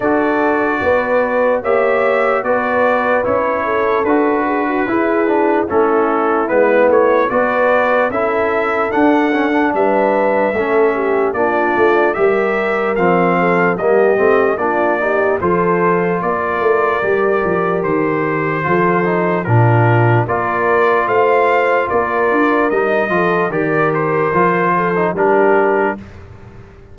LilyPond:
<<
  \new Staff \with { instrumentName = "trumpet" } { \time 4/4 \tempo 4 = 74 d''2 e''4 d''4 | cis''4 b'2 a'4 | b'8 cis''8 d''4 e''4 fis''4 | e''2 d''4 e''4 |
f''4 dis''4 d''4 c''4 | d''2 c''2 | ais'4 d''4 f''4 d''4 | dis''4 d''8 c''4. ais'4 | }
  \new Staff \with { instrumentName = "horn" } { \time 4/4 a'4 b'4 cis''4 b'4~ | b'8 a'4 gis'16 fis'16 gis'4 e'4~ | e'4 b'4 a'2 | b'4 a'8 g'8 f'4 ais'4~ |
ais'8 a'8 g'4 f'8 g'8 a'4 | ais'2. a'4 | f'4 ais'4 c''4 ais'4~ | ais'8 a'8 ais'4. a'8 g'4 | }
  \new Staff \with { instrumentName = "trombone" } { \time 4/4 fis'2 g'4 fis'4 | e'4 fis'4 e'8 d'8 cis'4 | b4 fis'4 e'4 d'8 cis'16 d'16~ | d'4 cis'4 d'4 g'4 |
c'4 ais8 c'8 d'8 dis'8 f'4~ | f'4 g'2 f'8 dis'8 | d'4 f'2. | dis'8 f'8 g'4 f'8. dis'16 d'4 | }
  \new Staff \with { instrumentName = "tuba" } { \time 4/4 d'4 b4 ais4 b4 | cis'4 d'4 e'4 a4 | gis8 a8 b4 cis'4 d'4 | g4 a4 ais8 a8 g4 |
f4 g8 a8 ais4 f4 | ais8 a8 g8 f8 dis4 f4 | ais,4 ais4 a4 ais8 d'8 | g8 f8 dis4 f4 g4 | }
>>